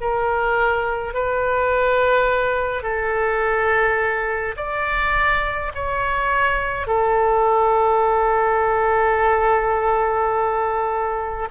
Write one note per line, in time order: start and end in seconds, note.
0.00 1.13 A#4
1.13 2.82 B4
2.82 4.55 A4
4.56 5.72 D5
5.74 6.87 C#5
6.87 11.48 A4